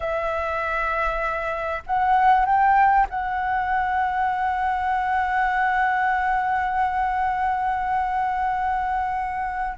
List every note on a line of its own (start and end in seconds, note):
0.00 1.82 E5
1.86 2.45 F#5
2.45 3.06 G5
3.09 9.77 F#5